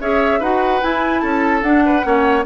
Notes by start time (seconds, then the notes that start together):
0.00 C#4 G#4 C#5 E5
0.39 D#4 F#4 B4 F#5
0.81 E4 G#5
1.20 C#4 A4 A5
1.62 D4 F#5
1.85 B4
2.02 A#3 C#4 C#5